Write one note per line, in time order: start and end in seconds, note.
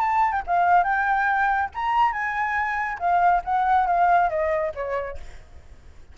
0.00 0.31 A5
0.31 0.42 G5
0.46 0.83 F5
0.83 1.69 G5
1.74 2.12 A#5
2.12 2.98 G#5
2.99 3.42 F5
3.44 3.86 F#5
3.86 4.29 F5
4.29 4.72 D#5
4.74 5.17 C#5